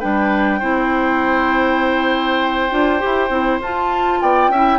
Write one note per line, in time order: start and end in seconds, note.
0.00 0.62 G3
0.00 0.61 D4
0.00 0.60 B4
0.00 3.61 G5
0.60 2.72 C4
0.60 2.71 E4
0.60 4.20 C5
2.71 3.02 D4
2.71 3.00 F4
3.00 3.30 G4
3.06 3.30 E4
3.30 3.60 C4
3.30 3.60 E4
3.61 4.21 F4
3.61 4.54 F4
3.61 4.21 A5
4.21 4.49 B3
4.21 4.52 D5
4.21 4.79 G5
4.49 4.79 C#4
4.49 4.79 E4
4.49 4.79 E5